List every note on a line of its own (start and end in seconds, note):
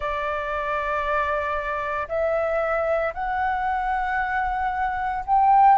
0.00 2.07 D5
2.08 3.13 E5
3.13 5.24 F#5
5.25 5.78 G5